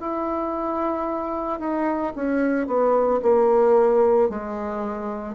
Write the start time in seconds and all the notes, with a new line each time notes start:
0.00 E4
1.59 D#4
2.15 C#4
2.67 B3
3.22 A#3
4.29 G#3